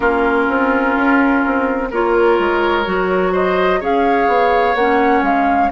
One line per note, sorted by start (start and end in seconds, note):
0.00 0.47 A#3
0.00 1.89 C#4
0.00 1.88 F4
0.00 1.89 A#4
0.48 0.95 C4
0.95 1.43 C#4
1.45 1.91 C4
1.90 2.38 A#3
1.90 2.84 F4
1.90 3.32 A#4
1.90 3.34 C#5
2.38 2.86 G#3
2.84 3.81 F#3
2.84 3.80 F#4
3.32 3.80 C5
3.32 3.82 D#5
3.80 4.27 C#4
3.80 4.75 G#4
3.80 5.70 C#5
3.80 4.75 F5
4.27 4.74 B3
4.74 5.21 A#3
4.74 5.72 C#4
4.74 5.23 F#5
5.21 5.69 G#3
5.21 5.71 F5